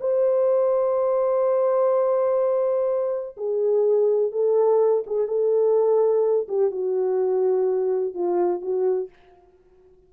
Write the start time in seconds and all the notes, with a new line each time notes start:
0.00 C5
3.36 G#4
4.32 A4
5.06 G#4
5.27 A4
6.48 G4
6.71 F#4
8.14 F4
8.61 F#4